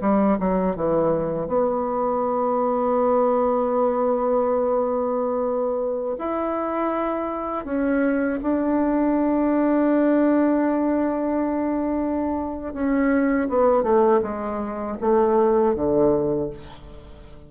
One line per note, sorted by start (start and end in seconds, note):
0.00 0.38 G3
0.39 0.75 F#3
0.75 1.47 E3
1.47 6.16 B3
6.18 7.64 E4
7.64 8.39 C#4
8.42 12.73 D4
12.73 13.48 C#4
13.49 13.83 B3
13.83 14.20 A3
14.22 14.97 G#3
15.00 15.74 A3
15.74 16.49 D3